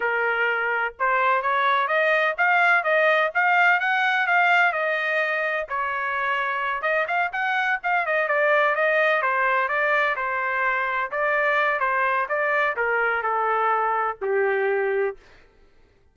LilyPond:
\new Staff \with { instrumentName = "trumpet" } { \time 4/4 \tempo 4 = 127 ais'2 c''4 cis''4 | dis''4 f''4 dis''4 f''4 | fis''4 f''4 dis''2 | cis''2~ cis''8 dis''8 f''8 fis''8~ |
fis''8 f''8 dis''8 d''4 dis''4 c''8~ | c''8 d''4 c''2 d''8~ | d''4 c''4 d''4 ais'4 | a'2 g'2 | }